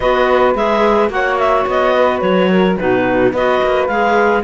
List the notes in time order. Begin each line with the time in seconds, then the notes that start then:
0.00 B3 F#4 B4 D#5
0.54 G#3 G#4 E5
1.09 A#3 F#4 C#5 F#5
1.38 E5
1.66 B3 D#5
1.95 B4
2.20 F#3 C#5
2.50 A#4
2.77 B2 D#4 F#4 B4
3.31 B3 F#4 B4 D#5
3.63 A#3
3.87 G#3 G#4 F5